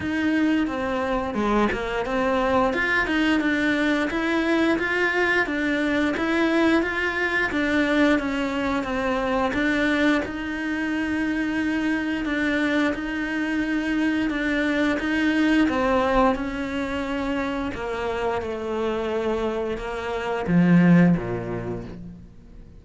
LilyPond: \new Staff \with { instrumentName = "cello" } { \time 4/4 \tempo 4 = 88 dis'4 c'4 gis8 ais8 c'4 | f'8 dis'8 d'4 e'4 f'4 | d'4 e'4 f'4 d'4 | cis'4 c'4 d'4 dis'4~ |
dis'2 d'4 dis'4~ | dis'4 d'4 dis'4 c'4 | cis'2 ais4 a4~ | a4 ais4 f4 ais,4 | }